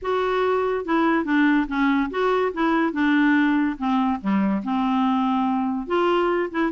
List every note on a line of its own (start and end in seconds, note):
0.02 0.85 F#4
0.85 1.25 E4
1.25 1.66 D4
1.67 2.09 C#4
2.10 2.52 F#4
2.53 2.92 E4
2.92 3.76 D4
3.78 4.20 C4
4.21 4.62 G3
4.63 5.86 C4
5.86 6.49 F4
6.50 6.71 E4